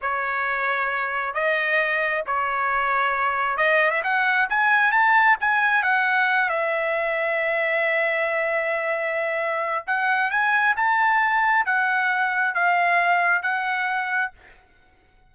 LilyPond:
\new Staff \with { instrumentName = "trumpet" } { \time 4/4 \tempo 4 = 134 cis''2. dis''4~ | dis''4 cis''2. | dis''8. e''16 fis''4 gis''4 a''4 | gis''4 fis''4. e''4.~ |
e''1~ | e''2 fis''4 gis''4 | a''2 fis''2 | f''2 fis''2 | }